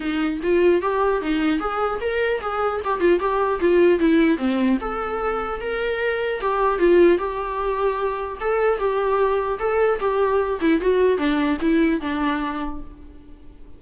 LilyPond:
\new Staff \with { instrumentName = "viola" } { \time 4/4 \tempo 4 = 150 dis'4 f'4 g'4 dis'4 | gis'4 ais'4 gis'4 g'8 f'8 | g'4 f'4 e'4 c'4 | a'2 ais'2 |
g'4 f'4 g'2~ | g'4 a'4 g'2 | a'4 g'4. e'8 fis'4 | d'4 e'4 d'2 | }